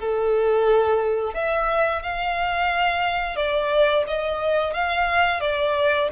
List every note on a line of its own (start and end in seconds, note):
0.00 1.35 A4
1.35 2.03 E5
2.03 3.36 F5
3.36 4.04 D5
4.08 4.74 D#5
4.74 5.41 F5
5.41 6.09 D5